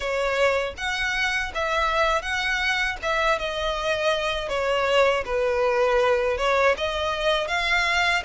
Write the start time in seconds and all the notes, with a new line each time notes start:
0.00 C#5
0.77 F#5
1.54 E5
2.22 F#5
3.02 E5
3.39 D#5
4.49 C#5
5.25 B4
6.38 C#5
6.77 D#5
7.47 F5